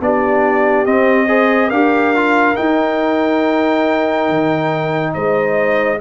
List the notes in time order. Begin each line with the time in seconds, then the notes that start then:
0.00 B3 D4 G4 D5
0.85 C4 D#5
1.27 G#4 C5
1.67 D4 G4 A#4 F5
2.15 F4
2.55 D#4 G5
4.29 D#3
5.13 G#3 C5 D#5